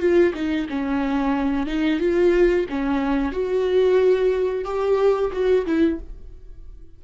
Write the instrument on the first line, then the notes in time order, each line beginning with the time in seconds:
viola
0.00 F4
0.34 D#4
0.69 C#4
1.67 D#4
2.00 F4
2.69 C#4
3.32 F#4
4.65 G4
5.33 F#4
5.66 E4